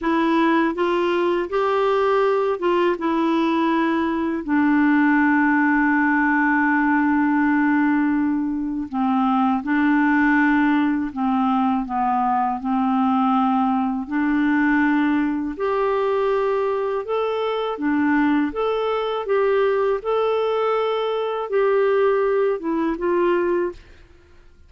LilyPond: \new Staff \with { instrumentName = "clarinet" } { \time 4/4 \tempo 4 = 81 e'4 f'4 g'4. f'8 | e'2 d'2~ | d'1 | c'4 d'2 c'4 |
b4 c'2 d'4~ | d'4 g'2 a'4 | d'4 a'4 g'4 a'4~ | a'4 g'4. e'8 f'4 | }